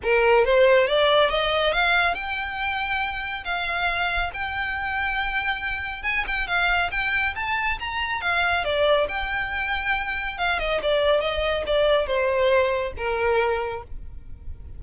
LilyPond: \new Staff \with { instrumentName = "violin" } { \time 4/4 \tempo 4 = 139 ais'4 c''4 d''4 dis''4 | f''4 g''2. | f''2 g''2~ | g''2 gis''8 g''8 f''4 |
g''4 a''4 ais''4 f''4 | d''4 g''2. | f''8 dis''8 d''4 dis''4 d''4 | c''2 ais'2 | }